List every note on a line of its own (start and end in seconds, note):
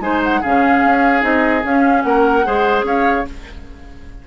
0.00 0.41 G#3
0.00 0.42 D#4
0.00 0.41 C5
0.00 0.21 G#5
0.23 0.43 F#5
0.41 0.84 C#3
0.41 1.20 C#4
0.41 2.03 G#4
0.41 1.23 F5
0.84 1.23 C#4
1.20 1.63 C4
1.20 1.61 D#4
1.20 1.64 D#5
1.64 2.04 C#4
1.64 2.44 C#4
1.64 2.02 F5
2.02 2.44 A#3
2.02 2.46 A#4
2.02 2.83 F#5
2.44 2.83 G#3
2.44 3.25 G#4
2.44 2.85 C5
2.83 3.23 C#4
2.83 3.26 C#5
2.83 3.27 F5